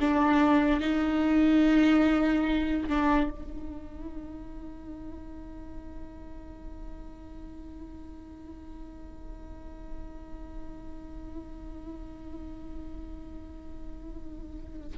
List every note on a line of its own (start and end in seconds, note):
0.00 0.80 D4
0.80 2.89 D#4
2.89 3.30 D4
3.30 14.97 D#4